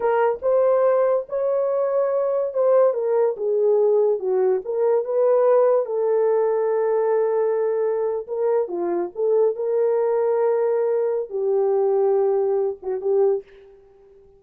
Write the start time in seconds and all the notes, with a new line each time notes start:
0.00 A#4
0.42 C5
1.28 C#5
2.53 C5
2.93 A#4
3.36 G#4
4.19 F#4
4.64 A#4
5.05 B4
5.85 A4
8.27 A#4
8.68 F4
9.15 A4
9.55 A#4
11.29 G4
12.82 F#4
13.01 G4